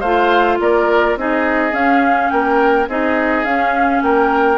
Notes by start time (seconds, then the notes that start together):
0.00 A3 F4 C5 F5
0.59 A#3 A#4 D5
1.16 C4 D#4 G#4 D#5
1.71 C#4 F5
2.30 A#3 A#4 G5
2.87 C4 D#4 G#4 D#5
3.45 C#4 F5
4.02 A#3 A#4 G5